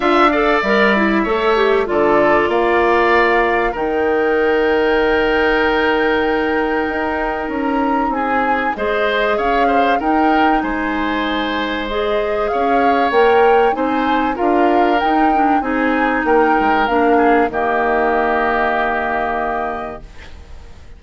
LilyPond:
<<
  \new Staff \with { instrumentName = "flute" } { \time 4/4 \tempo 4 = 96 f''4 e''2 d''4 | f''2 g''2~ | g''1 | ais''4 gis''4 dis''4 f''4 |
g''4 gis''2 dis''4 | f''4 g''4 gis''4 f''4 | g''4 gis''4 g''4 f''4 | dis''1 | }
  \new Staff \with { instrumentName = "oboe" } { \time 4/4 e''8 d''4. cis''4 a'4 | d''2 ais'2~ | ais'1~ | ais'4 gis'4 c''4 cis''8 c''8 |
ais'4 c''2. | cis''2 c''4 ais'4~ | ais'4 gis'4 ais'4. gis'8 | g'1 | }
  \new Staff \with { instrumentName = "clarinet" } { \time 4/4 f'8 a'8 ais'8 e'8 a'8 g'8 f'4~ | f'2 dis'2~ | dis'1~ | dis'2 gis'2 |
dis'2. gis'4~ | gis'4 ais'4 dis'4 f'4 | dis'8 d'8 dis'2 d'4 | ais1 | }
  \new Staff \with { instrumentName = "bassoon" } { \time 4/4 d'4 g4 a4 d4 | ais2 dis2~ | dis2. dis'4 | cis'4 c'4 gis4 cis'4 |
dis'4 gis2. | cis'4 ais4 c'4 d'4 | dis'4 c'4 ais8 gis8 ais4 | dis1 | }
>>